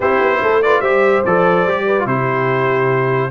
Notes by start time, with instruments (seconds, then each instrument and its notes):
0.00 tuba C4, trombone E4, horn G4, trumpet C5
0.20 tuba B3
0.42 tuba A3, horn A4
0.62 trombone F4, horn B4, trumpet D5
0.80 tuba G3, trombone G4, horn C5, trumpet E5
1.25 tuba F3, trombone A4, trumpet D5
1.66 tuba G3, trombone G4
1.86 horn B4
1.99 trombone F4
2.05 tuba C3, trombone E4, horn G4, trumpet C5